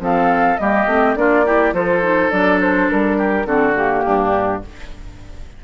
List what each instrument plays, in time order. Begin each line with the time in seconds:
0.00 bassoon F3, clarinet C4, oboe A4, flute F5
0.57 bassoon G3, clarinet A#3, oboe G4, flute D#5
0.87 bassoon A3, clarinet C4
1.16 bassoon A#3, clarinet D4, oboe F4, flute D5
1.45 clarinet E4, oboe G4
1.73 bassoon F3, clarinet F4, oboe A4, flute C5
2.03 clarinet D#4
2.31 bassoon F#3, clarinet D4, flute D5
2.61 flute C5
2.90 bassoon G3, flute A#4
3.18 oboe G4
3.46 bassoon D3, clarinet C4, oboe F#4, flute A4
3.76 clarinet A#3, flute G4
4.05 bassoon G2, oboe D4